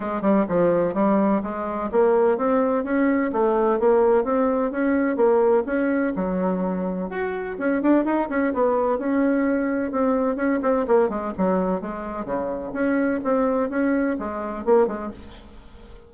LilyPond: \new Staff \with { instrumentName = "bassoon" } { \time 4/4 \tempo 4 = 127 gis8 g8 f4 g4 gis4 | ais4 c'4 cis'4 a4 | ais4 c'4 cis'4 ais4 | cis'4 fis2 fis'4 |
cis'8 d'8 dis'8 cis'8 b4 cis'4~ | cis'4 c'4 cis'8 c'8 ais8 gis8 | fis4 gis4 cis4 cis'4 | c'4 cis'4 gis4 ais8 gis8 | }